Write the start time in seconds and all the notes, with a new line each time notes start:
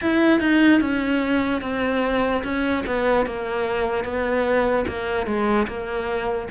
0.01 E4
0.40 D#4
0.80 C#4
1.61 C4
2.43 C#4
2.86 B3
3.26 A#3
4.04 B3
4.87 A#3
5.26 G#3
5.67 A#3